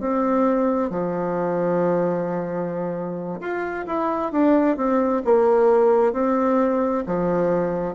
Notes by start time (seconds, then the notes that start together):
0.00 C4
0.90 F3
3.40 F4
3.87 E4
4.32 D4
4.77 C4
5.25 A#3
6.13 C4
7.06 F3